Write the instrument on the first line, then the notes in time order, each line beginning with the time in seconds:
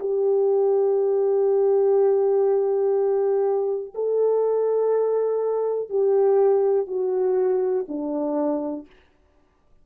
horn
0.00 G4
3.95 A4
5.90 G4
6.87 F#4
7.88 D4